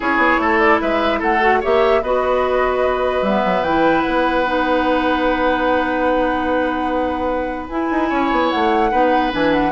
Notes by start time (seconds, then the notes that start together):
0.00 C#4 E4 G#4 C#5
0.17 B3
0.38 A3 A4
0.59 D5
0.80 G#3 B4 E5
1.19 A3 A4 F#5
1.41 F#4
1.60 A#3 G4 C#5 E5
2.02 B3 F#4 B4 D#5
3.22 G3 B3 E5
3.44 F#3
3.62 E3 E4 G5
4.01 B3 F#5
4.45 D#4
7.68 E4 G#5
7.90 D#4
8.09 C#4 C#5
8.31 B3
8.50 A3 F#5
8.91 B3 D#4 B4
9.31 E3 D4 G#5
9.52 F#5